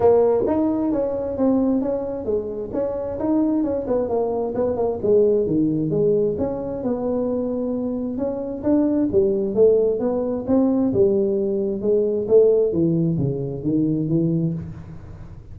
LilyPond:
\new Staff \with { instrumentName = "tuba" } { \time 4/4 \tempo 4 = 132 ais4 dis'4 cis'4 c'4 | cis'4 gis4 cis'4 dis'4 | cis'8 b8 ais4 b8 ais8 gis4 | dis4 gis4 cis'4 b4~ |
b2 cis'4 d'4 | g4 a4 b4 c'4 | g2 gis4 a4 | e4 cis4 dis4 e4 | }